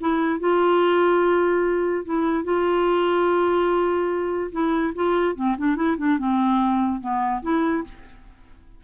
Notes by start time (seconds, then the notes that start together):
0.00 E4
0.40 F4
2.05 E4
2.44 F4
4.52 E4
4.95 F4
5.35 C4
5.58 D4
5.76 E4
5.97 D4
6.18 C4
7.00 B3
7.42 E4